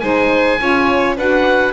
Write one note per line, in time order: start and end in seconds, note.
0.00 0.60 G#3
0.00 0.59 D#4
0.00 0.60 C5
0.00 1.15 G#5
0.59 1.17 C#4
0.59 1.17 F4
0.59 1.17 C#5
1.17 1.73 D4
1.17 1.73 F#4
1.17 1.73 B4
1.17 1.73 F#5